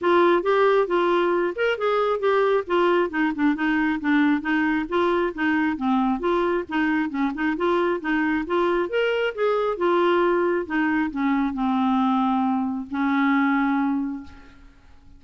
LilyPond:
\new Staff \with { instrumentName = "clarinet" } { \time 4/4 \tempo 4 = 135 f'4 g'4 f'4. ais'8 | gis'4 g'4 f'4 dis'8 d'8 | dis'4 d'4 dis'4 f'4 | dis'4 c'4 f'4 dis'4 |
cis'8 dis'8 f'4 dis'4 f'4 | ais'4 gis'4 f'2 | dis'4 cis'4 c'2~ | c'4 cis'2. | }